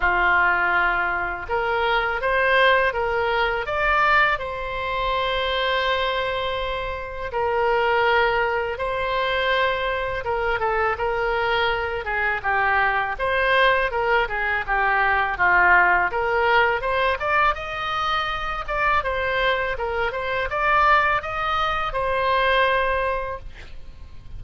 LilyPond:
\new Staff \with { instrumentName = "oboe" } { \time 4/4 \tempo 4 = 82 f'2 ais'4 c''4 | ais'4 d''4 c''2~ | c''2 ais'2 | c''2 ais'8 a'8 ais'4~ |
ais'8 gis'8 g'4 c''4 ais'8 gis'8 | g'4 f'4 ais'4 c''8 d''8 | dis''4. d''8 c''4 ais'8 c''8 | d''4 dis''4 c''2 | }